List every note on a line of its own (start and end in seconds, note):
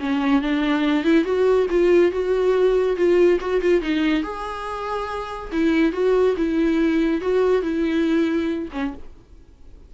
0.00 0.41 C#4
0.41 1.04 D4
1.04 1.24 E4
1.24 1.67 F#4
1.70 2.12 F4
2.12 2.96 F#4
2.96 3.39 F4
3.40 3.61 F#4
3.61 3.81 F4
3.81 4.23 D#4
4.23 5.50 G#4
5.52 5.92 E4
5.92 6.35 F#4
6.37 7.21 E4
7.21 7.62 F#4
7.62 8.68 E4
8.72 8.94 C#4